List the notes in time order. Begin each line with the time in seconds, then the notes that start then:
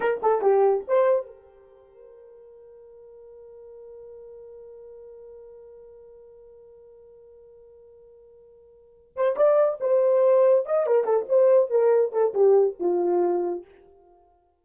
0.00 A#4
0.22 A4
0.41 G4
0.87 C5
1.26 A#4
9.16 C5
9.36 D5
9.80 C5
10.65 D#5
10.86 A#4
11.04 A4
11.28 C5
11.69 A#4
12.12 A4
12.33 G4
12.79 F4